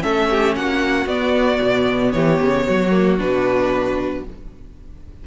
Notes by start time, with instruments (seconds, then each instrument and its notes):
0.00 cello A3, viola C#4, violin A4 E5
0.30 violin G4
0.56 cello A#3, violin F#4 F#5
1.06 cello B3, viola B3, violin D5
1.61 cello B2
2.12 cello E3, violin G4 C#5
2.40 cello C#3
2.66 cello F#3, violin F#4
2.91 viola A#3
3.18 cello B2, viola D4, violin B4